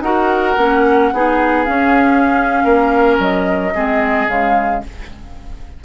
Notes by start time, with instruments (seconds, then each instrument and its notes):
0.00 bassoon D#4, clarinet F#4, oboe A#4, flute F#5
0.56 bassoon A#3, clarinet C#4
1.12 bassoon B3, clarinet D#4, oboe G#4
1.65 clarinet C#4, bassoon C#4, flute F5
2.63 bassoon A#3, oboe A#4
3.19 bassoon F#3, flute D#5
3.74 bassoon G#3, clarinet C4, oboe G#4
4.26 bassoon C#3, clarinet G#3, flute F5